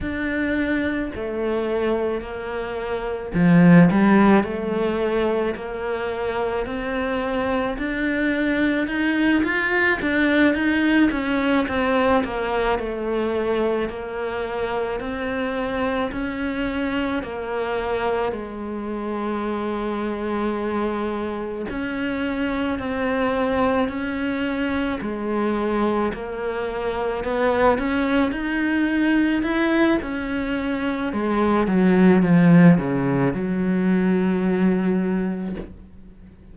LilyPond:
\new Staff \with { instrumentName = "cello" } { \time 4/4 \tempo 4 = 54 d'4 a4 ais4 f8 g8 | a4 ais4 c'4 d'4 | dis'8 f'8 d'8 dis'8 cis'8 c'8 ais8 a8~ | a8 ais4 c'4 cis'4 ais8~ |
ais8 gis2. cis'8~ | cis'8 c'4 cis'4 gis4 ais8~ | ais8 b8 cis'8 dis'4 e'8 cis'4 | gis8 fis8 f8 cis8 fis2 | }